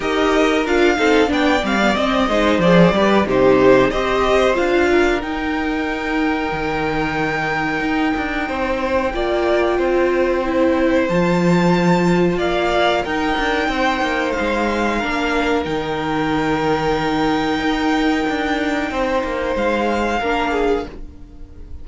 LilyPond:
<<
  \new Staff \with { instrumentName = "violin" } { \time 4/4 \tempo 4 = 92 dis''4 f''4 g''8 f''8 dis''4 | d''4 c''4 dis''4 f''4 | g''1~ | g''1~ |
g''4 a''2 f''4 | g''2 f''2 | g''1~ | g''2 f''2 | }
  \new Staff \with { instrumentName = "violin" } { \time 4/4 ais'4. a'8 d''4. c''8~ | c''8 b'8 g'4 c''4. ais'8~ | ais'1~ | ais'4 c''4 d''4 c''4~ |
c''2. d''4 | ais'4 c''2 ais'4~ | ais'1~ | ais'4 c''2 ais'8 gis'8 | }
  \new Staff \with { instrumentName = "viola" } { \time 4/4 g'4 f'8 dis'8 d'8 c'16 b16 c'8 dis'8 | gis'8 g'8 dis'4 g'4 f'4 | dis'1~ | dis'2 f'2 |
e'4 f'2. | dis'2. d'4 | dis'1~ | dis'2. d'4 | }
  \new Staff \with { instrumentName = "cello" } { \time 4/4 dis'4 d'8 c'8 b8 g8 c'8 gis8 | f8 g8 c4 c'4 d'4 | dis'2 dis2 | dis'8 d'8 c'4 ais4 c'4~ |
c'4 f2 ais4 | dis'8 d'8 c'8 ais8 gis4 ais4 | dis2. dis'4 | d'4 c'8 ais8 gis4 ais4 | }
>>